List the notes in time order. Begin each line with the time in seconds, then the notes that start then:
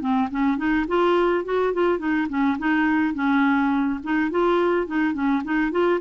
0.00 C4
0.31 C#4
0.57 D#4
0.88 F4
1.45 F#4
1.74 F4
1.99 D#4
2.29 C#4
2.59 D#4
3.14 C#4
4.03 D#4
4.30 F4
4.87 D#4
5.14 C#4
5.44 D#4
5.71 F4